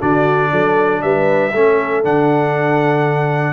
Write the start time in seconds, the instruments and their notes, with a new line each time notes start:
0.00 tuba D3, trombone D4, horn F#4, trumpet D5
0.52 tuba F#3, horn A4
1.02 tuba G3, horn B4, trumpet E5
1.53 tuba A3, trombone C#4, horn A4
2.04 tuba D3, trombone D4, trumpet F#5